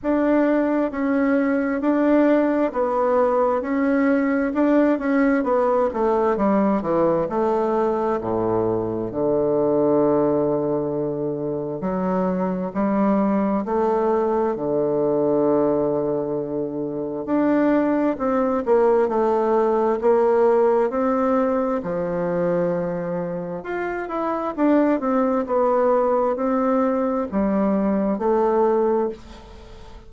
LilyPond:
\new Staff \with { instrumentName = "bassoon" } { \time 4/4 \tempo 4 = 66 d'4 cis'4 d'4 b4 | cis'4 d'8 cis'8 b8 a8 g8 e8 | a4 a,4 d2~ | d4 fis4 g4 a4 |
d2. d'4 | c'8 ais8 a4 ais4 c'4 | f2 f'8 e'8 d'8 c'8 | b4 c'4 g4 a4 | }